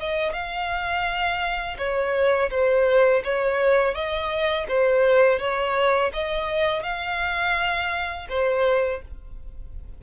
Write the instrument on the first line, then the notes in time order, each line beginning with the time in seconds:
violin
0.00 D#5
0.33 F5
1.78 C#5
2.51 C5
3.24 C#5
3.95 D#5
4.69 C5
5.40 C#5
6.13 D#5
6.83 F5
8.30 C5